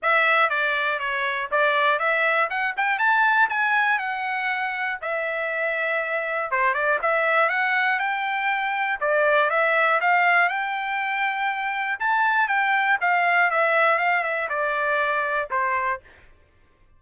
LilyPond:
\new Staff \with { instrumentName = "trumpet" } { \time 4/4 \tempo 4 = 120 e''4 d''4 cis''4 d''4 | e''4 fis''8 g''8 a''4 gis''4 | fis''2 e''2~ | e''4 c''8 d''8 e''4 fis''4 |
g''2 d''4 e''4 | f''4 g''2. | a''4 g''4 f''4 e''4 | f''8 e''8 d''2 c''4 | }